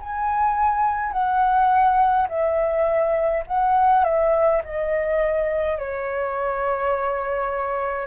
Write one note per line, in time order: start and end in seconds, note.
0.00 1.13 G#5
1.13 2.28 F#5
2.29 3.45 E5
3.48 4.05 F#5
4.05 4.63 E5
4.65 5.78 D#5
5.78 8.07 C#5